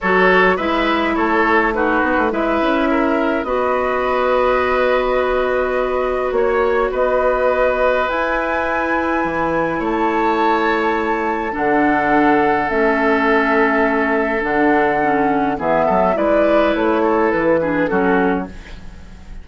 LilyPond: <<
  \new Staff \with { instrumentName = "flute" } { \time 4/4 \tempo 4 = 104 cis''4 e''4 cis''4 b'4 | e''2 dis''2~ | dis''2. cis''4 | dis''2 gis''2~ |
gis''4 a''2. | fis''2 e''2~ | e''4 fis''2 e''4 | d''4 cis''4 b'4 a'4 | }
  \new Staff \with { instrumentName = "oboe" } { \time 4/4 a'4 b'4 a'4 fis'4 | b'4 ais'4 b'2~ | b'2. cis''4 | b'1~ |
b'4 cis''2. | a'1~ | a'2. gis'8 a'8 | b'4. a'4 gis'8 fis'4 | }
  \new Staff \with { instrumentName = "clarinet" } { \time 4/4 fis'4 e'2 dis'4 | e'2 fis'2~ | fis'1~ | fis'2 e'2~ |
e'1 | d'2 cis'2~ | cis'4 d'4 cis'4 b4 | e'2~ e'8 d'8 cis'4 | }
  \new Staff \with { instrumentName = "bassoon" } { \time 4/4 fis4 gis4 a4. b16 a16 | gis8 cis'4. b2~ | b2. ais4 | b2 e'2 |
e4 a2. | d2 a2~ | a4 d2 e8 fis8 | gis4 a4 e4 fis4 | }
>>